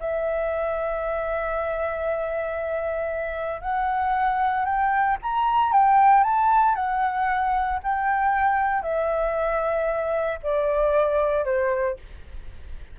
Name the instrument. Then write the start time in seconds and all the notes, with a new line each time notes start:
flute
0.00 E5
3.61 F#5
4.65 G5
5.22 A#5
5.72 G5
6.24 A5
6.75 F#5
7.83 G5
8.82 E5
10.43 D5
11.45 C5